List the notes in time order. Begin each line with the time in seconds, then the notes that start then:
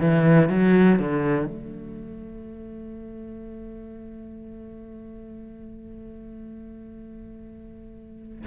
0.00 E3
0.49 F#3
1.00 D3
1.46 A3